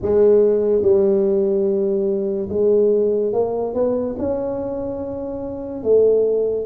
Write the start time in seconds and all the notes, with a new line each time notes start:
0.02 G#3
0.82 G3
2.49 G#3
3.33 A#3
3.73 B3
4.18 C#4
5.83 A3